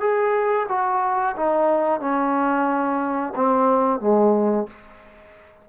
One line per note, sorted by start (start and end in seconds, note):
0.00 0.67 G#4
0.68 1.35 F#4
1.36 2.00 D#4
2.00 3.33 C#4
3.35 4.00 C4
4.00 4.67 G#3